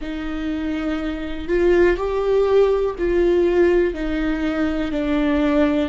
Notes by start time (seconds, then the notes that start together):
0.01 D#4
1.48 F4
1.96 G4
2.98 F4
3.93 D#4
4.91 D4